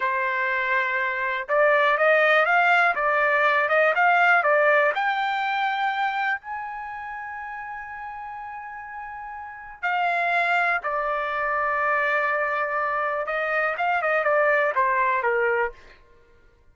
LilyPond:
\new Staff \with { instrumentName = "trumpet" } { \time 4/4 \tempo 4 = 122 c''2. d''4 | dis''4 f''4 d''4. dis''8 | f''4 d''4 g''2~ | g''4 gis''2.~ |
gis''1 | f''2 d''2~ | d''2. dis''4 | f''8 dis''8 d''4 c''4 ais'4 | }